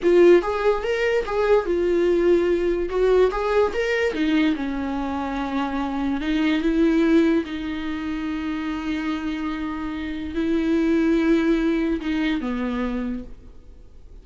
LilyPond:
\new Staff \with { instrumentName = "viola" } { \time 4/4 \tempo 4 = 145 f'4 gis'4 ais'4 gis'4 | f'2. fis'4 | gis'4 ais'4 dis'4 cis'4~ | cis'2. dis'4 |
e'2 dis'2~ | dis'1~ | dis'4 e'2.~ | e'4 dis'4 b2 | }